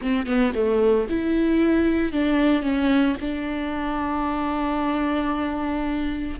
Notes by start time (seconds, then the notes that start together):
0.01 C4
0.26 B3
0.54 A3
1.09 E4
2.12 D4
2.62 C#4
3.20 D4